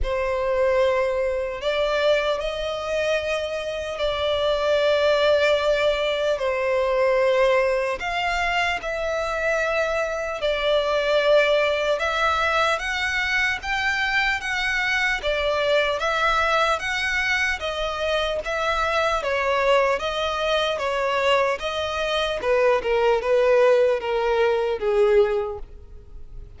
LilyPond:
\new Staff \with { instrumentName = "violin" } { \time 4/4 \tempo 4 = 75 c''2 d''4 dis''4~ | dis''4 d''2. | c''2 f''4 e''4~ | e''4 d''2 e''4 |
fis''4 g''4 fis''4 d''4 | e''4 fis''4 dis''4 e''4 | cis''4 dis''4 cis''4 dis''4 | b'8 ais'8 b'4 ais'4 gis'4 | }